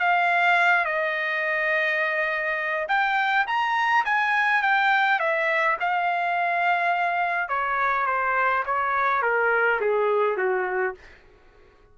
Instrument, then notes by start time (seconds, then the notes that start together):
trumpet
0.00 F5
0.85 D#5
2.88 G5
3.47 A#5
4.05 G#5
4.62 G5
5.20 E5
5.81 F5
7.49 C#5
8.07 C5
8.66 C#5
9.23 A#4
9.81 G#4
10.37 F#4